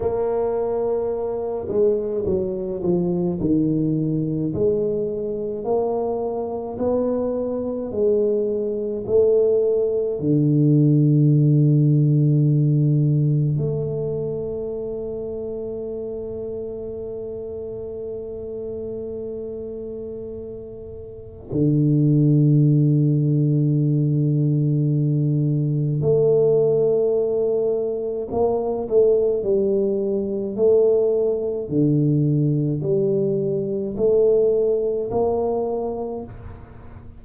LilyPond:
\new Staff \with { instrumentName = "tuba" } { \time 4/4 \tempo 4 = 53 ais4. gis8 fis8 f8 dis4 | gis4 ais4 b4 gis4 | a4 d2. | a1~ |
a2. d4~ | d2. a4~ | a4 ais8 a8 g4 a4 | d4 g4 a4 ais4 | }